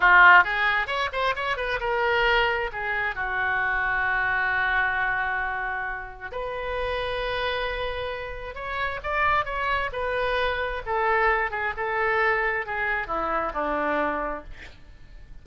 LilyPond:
\new Staff \with { instrumentName = "oboe" } { \time 4/4 \tempo 4 = 133 f'4 gis'4 cis''8 c''8 cis''8 b'8 | ais'2 gis'4 fis'4~ | fis'1~ | fis'2 b'2~ |
b'2. cis''4 | d''4 cis''4 b'2 | a'4. gis'8 a'2 | gis'4 e'4 d'2 | }